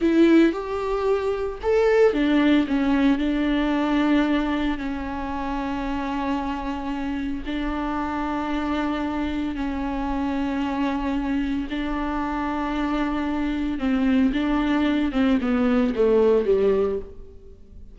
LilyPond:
\new Staff \with { instrumentName = "viola" } { \time 4/4 \tempo 4 = 113 e'4 g'2 a'4 | d'4 cis'4 d'2~ | d'4 cis'2.~ | cis'2 d'2~ |
d'2 cis'2~ | cis'2 d'2~ | d'2 c'4 d'4~ | d'8 c'8 b4 a4 g4 | }